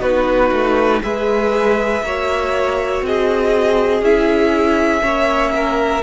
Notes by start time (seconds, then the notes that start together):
0.00 B3 D#4 F#4 B4
0.51 A3
1.03 G#3 G#4 B4 E5
2.02 A#3 F#4 C#5
3.02 C4 G#4 D#5
4.01 C#4 E4 E5
5.01 A#3 C#4 C#5
5.56 A#4